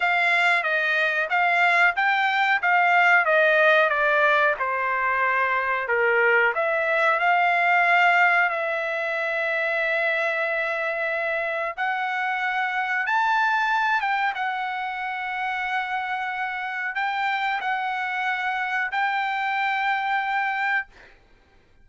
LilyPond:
\new Staff \with { instrumentName = "trumpet" } { \time 4/4 \tempo 4 = 92 f''4 dis''4 f''4 g''4 | f''4 dis''4 d''4 c''4~ | c''4 ais'4 e''4 f''4~ | f''4 e''2.~ |
e''2 fis''2 | a''4. g''8 fis''2~ | fis''2 g''4 fis''4~ | fis''4 g''2. | }